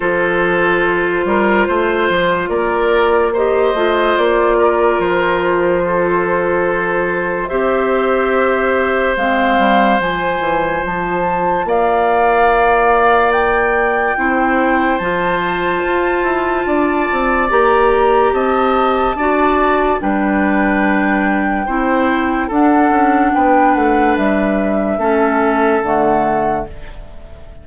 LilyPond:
<<
  \new Staff \with { instrumentName = "flute" } { \time 4/4 \tempo 4 = 72 c''2. d''4 | dis''4 d''4 c''2~ | c''4 e''2 f''4 | gis''4 a''4 f''2 |
g''2 a''2~ | a''4 ais''4 a''2 | g''2. fis''4 | g''8 fis''8 e''2 fis''4 | }
  \new Staff \with { instrumentName = "oboe" } { \time 4/4 a'4. ais'8 c''4 ais'4 | c''4. ais'4. a'4~ | a'4 c''2.~ | c''2 d''2~ |
d''4 c''2. | d''2 dis''4 d''4 | b'2 c''4 a'4 | b'2 a'2 | }
  \new Staff \with { instrumentName = "clarinet" } { \time 4/4 f'1 | g'8 f'2.~ f'8~ | f'4 g'2 c'4 | f'1~ |
f'4 e'4 f'2~ | f'4 g'2 fis'4 | d'2 e'4 d'4~ | d'2 cis'4 a4 | }
  \new Staff \with { instrumentName = "bassoon" } { \time 4/4 f4. g8 a8 f8 ais4~ | ais8 a8 ais4 f2~ | f4 c'2 gis8 g8 | f8 e8 f4 ais2~ |
ais4 c'4 f4 f'8 e'8 | d'8 c'8 ais4 c'4 d'4 | g2 c'4 d'8 cis'8 | b8 a8 g4 a4 d4 | }
>>